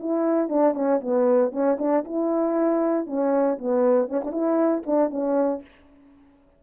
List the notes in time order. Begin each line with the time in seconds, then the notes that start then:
0.00 E4
0.49 D4
0.75 C#4
1.01 B3
1.52 C#4
1.79 D4
2.05 E4
3.07 C#4
3.59 B3
4.09 C#4
4.24 D4
4.32 E4
4.86 D4
5.10 C#4